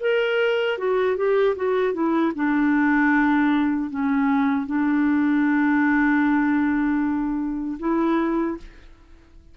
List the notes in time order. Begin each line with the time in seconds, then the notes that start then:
0.00 A#4
0.78 F#4
1.17 G4
1.56 F#4
1.93 E4
2.35 D4
3.90 C#4
4.66 D4
7.79 E4